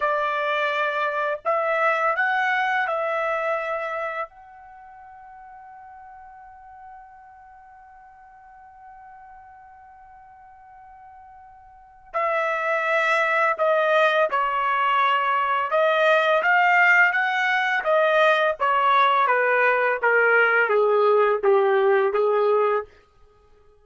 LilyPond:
\new Staff \with { instrumentName = "trumpet" } { \time 4/4 \tempo 4 = 84 d''2 e''4 fis''4 | e''2 fis''2~ | fis''1~ | fis''1~ |
fis''4 e''2 dis''4 | cis''2 dis''4 f''4 | fis''4 dis''4 cis''4 b'4 | ais'4 gis'4 g'4 gis'4 | }